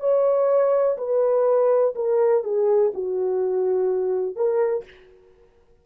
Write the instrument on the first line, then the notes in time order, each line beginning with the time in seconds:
horn
0.00 C#5
0.98 B4
1.95 A#4
2.44 G#4
2.94 F#4
4.36 A#4